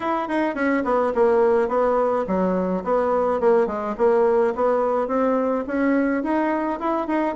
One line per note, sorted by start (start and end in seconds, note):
0.00 0.28 E4
0.28 0.54 D#4
0.54 0.83 C#4
0.84 1.12 B3
1.14 1.68 A#3
1.68 2.25 B3
2.27 2.83 F#3
2.84 3.40 B3
3.40 3.66 A#3
3.66 3.95 G#3
3.97 4.54 A#3
4.55 5.07 B3
5.07 5.64 C4
5.67 6.23 C#4
6.23 6.79 D#4
6.79 7.07 E4
7.07 7.35 D#4